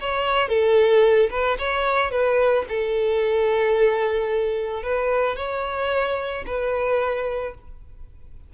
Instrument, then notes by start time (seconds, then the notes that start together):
violin
0.00 C#5
0.48 A4
1.30 B4
1.58 C#5
2.11 B4
2.68 A4
4.83 B4
5.36 C#5
6.46 B4